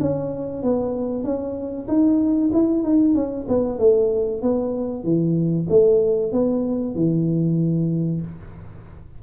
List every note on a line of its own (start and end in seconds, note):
0.00 0.63 C#4
0.63 1.24 B3
1.24 1.87 C#4
1.88 2.51 D#4
2.53 2.83 E4
2.83 3.15 D#4
3.15 3.47 C#4
3.48 3.78 B3
3.78 4.42 A3
4.42 5.04 B3
5.04 5.67 E3
5.70 6.32 A3
6.32 6.95 B3
6.95 8.21 E3